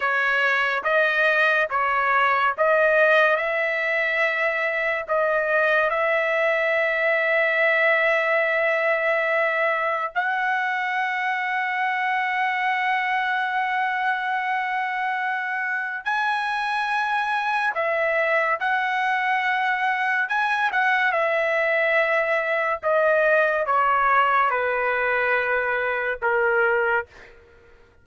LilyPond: \new Staff \with { instrumentName = "trumpet" } { \time 4/4 \tempo 4 = 71 cis''4 dis''4 cis''4 dis''4 | e''2 dis''4 e''4~ | e''1 | fis''1~ |
fis''2. gis''4~ | gis''4 e''4 fis''2 | gis''8 fis''8 e''2 dis''4 | cis''4 b'2 ais'4 | }